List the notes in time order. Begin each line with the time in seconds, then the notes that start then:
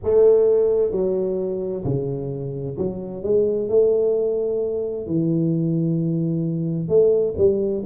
0.03 A3
0.91 F#3
1.84 C#3
2.77 F#3
3.23 G#3
3.68 A3
5.06 E3
6.88 A3
7.37 G3